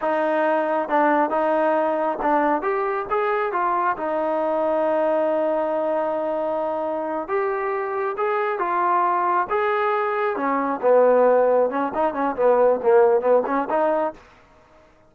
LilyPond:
\new Staff \with { instrumentName = "trombone" } { \time 4/4 \tempo 4 = 136 dis'2 d'4 dis'4~ | dis'4 d'4 g'4 gis'4 | f'4 dis'2.~ | dis'1~ |
dis'8 g'2 gis'4 f'8~ | f'4. gis'2 cis'8~ | cis'8 b2 cis'8 dis'8 cis'8 | b4 ais4 b8 cis'8 dis'4 | }